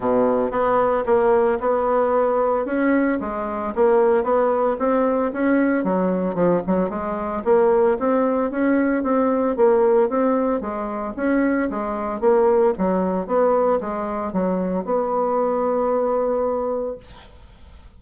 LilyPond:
\new Staff \with { instrumentName = "bassoon" } { \time 4/4 \tempo 4 = 113 b,4 b4 ais4 b4~ | b4 cis'4 gis4 ais4 | b4 c'4 cis'4 fis4 | f8 fis8 gis4 ais4 c'4 |
cis'4 c'4 ais4 c'4 | gis4 cis'4 gis4 ais4 | fis4 b4 gis4 fis4 | b1 | }